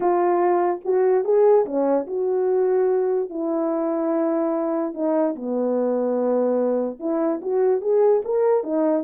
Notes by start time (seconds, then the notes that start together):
0.00 F4
0.84 F#4
1.24 G#4
1.65 C#4
2.06 F#4
3.29 E4
4.94 D#4
5.35 B3
6.99 E4
7.41 F#4
7.81 G#4
8.24 A#4
8.63 D#4